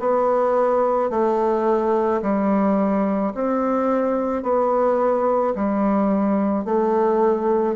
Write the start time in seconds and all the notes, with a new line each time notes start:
0.00 B3
1.11 A3
2.23 G3
3.35 C4
4.43 B3
5.56 G3
6.65 A3